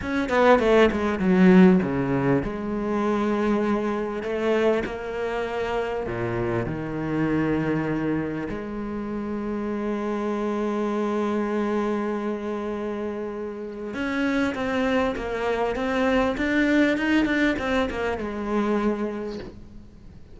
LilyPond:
\new Staff \with { instrumentName = "cello" } { \time 4/4 \tempo 4 = 99 cis'8 b8 a8 gis8 fis4 cis4 | gis2. a4 | ais2 ais,4 dis4~ | dis2 gis2~ |
gis1~ | gis2. cis'4 | c'4 ais4 c'4 d'4 | dis'8 d'8 c'8 ais8 gis2 | }